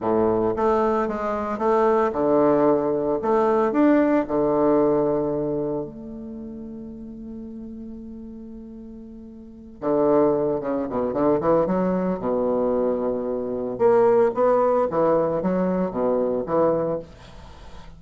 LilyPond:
\new Staff \with { instrumentName = "bassoon" } { \time 4/4 \tempo 4 = 113 a,4 a4 gis4 a4 | d2 a4 d'4 | d2. a4~ | a1~ |
a2~ a8 d4. | cis8 b,8 d8 e8 fis4 b,4~ | b,2 ais4 b4 | e4 fis4 b,4 e4 | }